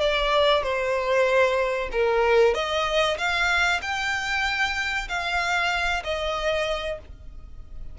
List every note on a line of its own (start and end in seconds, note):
0.00 0.63 D5
0.63 1.89 C5
1.91 2.54 A#4
2.54 3.17 D#5
3.17 3.80 F5
3.82 5.08 G5
5.08 6.03 F5
6.03 6.98 D#5